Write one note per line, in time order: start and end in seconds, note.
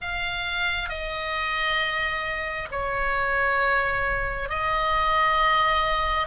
0.01 0.89 F5
0.89 2.68 D#5
2.71 4.49 C#5
4.49 6.27 D#5